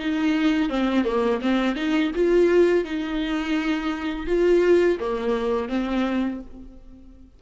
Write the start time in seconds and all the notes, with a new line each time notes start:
0.00 D#4
0.70 C4
1.05 A#3
1.42 C4
1.76 D#4
2.15 F4
2.85 D#4
4.27 F4
5.00 A#3
5.69 C4